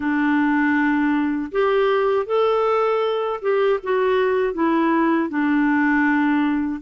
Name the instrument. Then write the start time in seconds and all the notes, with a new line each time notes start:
clarinet
0.00 D4
1.51 G4
2.26 A4
3.41 G4
3.83 F#4
4.53 E4
5.29 D4